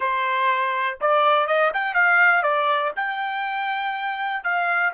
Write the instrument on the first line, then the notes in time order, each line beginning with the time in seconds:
trumpet
0.00 C5
1.01 D5
1.47 D#5
1.73 G5
1.94 F5
2.42 D5
2.96 G5
4.43 F5